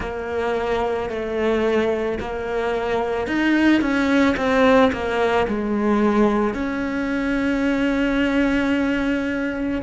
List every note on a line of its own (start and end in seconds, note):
0.00 1.09 A#3
1.09 2.18 A3
2.20 3.27 A#3
3.27 3.81 D#4
3.81 4.35 C#4
4.36 4.91 C4
4.92 5.46 A#3
5.47 6.54 G#3
6.54 9.81 C#4